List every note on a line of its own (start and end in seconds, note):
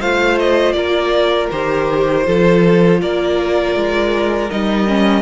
0.00 0.74 A3
0.00 1.52 F4
0.00 0.75 C5
0.00 0.38 F5
0.39 0.72 D#5
0.72 1.49 A#3
0.72 2.26 A#4
0.72 1.47 D5
1.51 2.27 D#3
1.51 2.24 G4
1.51 3.01 C5
2.24 3.02 F3
2.24 4.49 F4
2.24 3.01 A4
3.01 3.75 A#3
3.01 5.22 A#4
3.01 4.50 D5
3.75 4.50 G#3
4.50 5.22 G3
4.50 4.87 D#4
4.50 5.22 D#5
4.87 5.22 C#4